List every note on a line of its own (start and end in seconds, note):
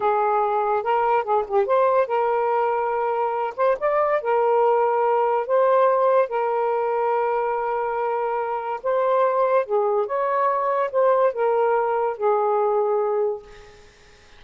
0.00 0.83 G#4
0.83 1.23 A#4
1.23 1.44 G#4
1.47 1.66 G4
1.66 2.07 C5
2.07 3.54 A#4
3.56 3.77 C5
3.79 4.21 D5
4.21 5.46 A#4
5.46 6.28 C5
6.28 8.80 A#4
8.83 9.65 C5
9.65 10.06 G#4
10.06 10.90 C#5
10.91 11.33 C5
11.33 12.17 A#4
12.17 13.42 G#4